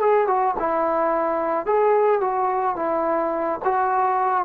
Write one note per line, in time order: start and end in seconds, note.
0.00 0.27 G#4
0.27 0.55 F#4
0.59 1.66 E4
1.66 2.20 G#4
2.20 2.76 F#4
2.76 3.59 E4
3.64 4.45 F#4